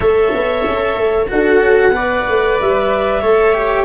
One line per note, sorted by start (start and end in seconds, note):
0.00 0.33 A3
0.00 1.26 A4
0.00 1.29 C#5
0.00 1.26 E5
0.33 0.66 B3
0.67 0.95 C#4
0.95 1.28 A3
1.28 1.60 D4
1.28 1.92 F#4
1.28 1.95 A4
1.28 2.59 F#5
1.60 1.91 C#4
1.91 2.23 B3
1.91 3.21 B4
1.91 3.21 D5
2.28 2.60 A3
2.60 3.22 G3
2.60 3.85 E5
3.21 3.85 A3
3.21 3.54 A4
3.21 3.85 C#5
3.54 3.85 G4